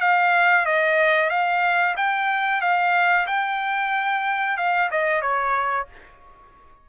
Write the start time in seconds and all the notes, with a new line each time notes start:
0.00 F5
0.65 D#5
1.30 F5
1.96 G5
2.61 F5
3.26 G5
4.57 F5
4.90 D#5
5.21 C#5